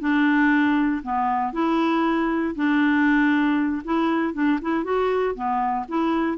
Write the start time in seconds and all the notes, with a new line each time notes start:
0.00 D4
1.03 B3
1.53 E4
2.55 D4
3.84 E4
4.33 D4
4.62 E4
4.84 F#4
5.34 B3
5.88 E4